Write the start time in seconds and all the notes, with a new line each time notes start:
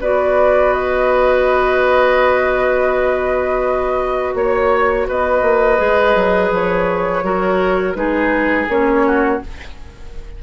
0.00 B3 F#4 B4 D5
0.73 D#5
4.34 A#3 C#5
5.07 B3 B4 D#5
5.41 A#3
5.77 G#3 G#4
6.15 F#3
6.50 F3 C#5
7.23 F#3 F#4 A#4
7.94 G#3 D#4 G#4 B4
8.68 A#3 C#4 C#5
9.06 F#4